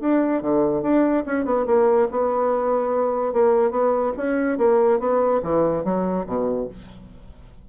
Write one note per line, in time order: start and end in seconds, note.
0.00 0.42 D4
0.42 0.82 D3
0.82 1.24 D4
1.26 1.45 C#4
1.45 1.66 B3
1.66 2.08 A#3
2.11 3.33 B3
3.33 3.71 A#3
3.71 4.12 B3
4.17 4.58 C#4
4.58 4.99 A#3
4.99 5.41 B3
5.43 5.84 E3
5.84 6.26 F#3
6.26 6.68 B2